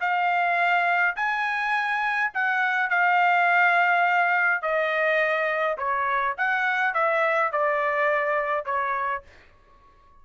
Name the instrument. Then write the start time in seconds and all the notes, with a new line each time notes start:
trumpet
0.00 F5
1.16 G#5
2.33 F#5
2.89 F5
4.61 D#5
5.77 C#5
6.37 F#5
6.94 E5
7.51 D5
8.65 C#5